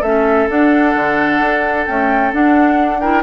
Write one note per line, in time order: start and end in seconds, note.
0.00 0.47 A3
0.00 0.49 C#4
0.00 2.98 A4
0.00 0.48 E5
0.49 0.95 D4
0.49 1.86 D4
0.49 1.86 F#5
0.95 1.40 D3
1.40 1.86 D4
1.86 2.32 A3
1.86 2.32 C#4
1.86 2.32 G5
2.32 3.00 D4
2.32 3.23 D4
2.32 3.00 F#5
3.00 3.23 E4
3.00 3.23 A#4
3.00 3.23 G5